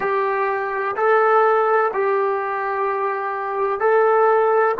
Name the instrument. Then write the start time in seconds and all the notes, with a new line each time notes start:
trombone
0.00 G4
0.96 A4
1.93 G4
3.80 A4